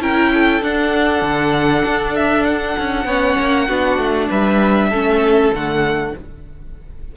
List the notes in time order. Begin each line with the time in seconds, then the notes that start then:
0.00 C#4 E4 A#4 G5
0.34 A4
0.62 D4 F#5
1.22 D3
1.85 D4
2.16 E5
2.44 F#5
2.79 C#4
3.05 B3 C#4 C#5
3.39 A#3
3.68 B3 D4 F#4
3.98 A3
4.30 G3 B4 E5
4.89 A3 C#4 A4
5.52 D3 A3 F#5